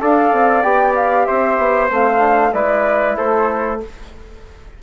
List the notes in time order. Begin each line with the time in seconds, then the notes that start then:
0.00 D4 A4 D5 F5
0.33 C4
0.62 B3 G4 G5
0.95 F5
1.25 C4 C5 E5
1.58 B3
1.89 A3 C4 F5
2.19 D4
2.53 G#3 E4 B4 D5
3.17 A3 A4 C5